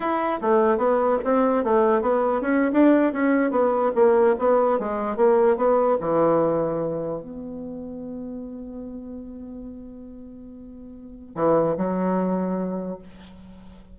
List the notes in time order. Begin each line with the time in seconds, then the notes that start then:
0.00 E4
0.41 A3
0.77 B3
1.24 C4
1.63 A3
2.01 B3
2.41 C#4
2.72 D4
3.12 C#4
3.50 B3
3.95 A#3
4.38 B3
4.79 G#3
5.16 A#3
5.57 B3
6.00 E3
7.21 B3
11.35 E3
11.77 F#3